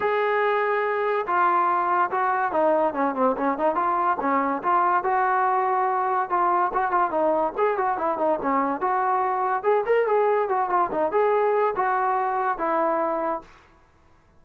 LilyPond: \new Staff \with { instrumentName = "trombone" } { \time 4/4 \tempo 4 = 143 gis'2. f'4~ | f'4 fis'4 dis'4 cis'8 c'8 | cis'8 dis'8 f'4 cis'4 f'4 | fis'2. f'4 |
fis'8 f'8 dis'4 gis'8 fis'8 e'8 dis'8 | cis'4 fis'2 gis'8 ais'8 | gis'4 fis'8 f'8 dis'8 gis'4. | fis'2 e'2 | }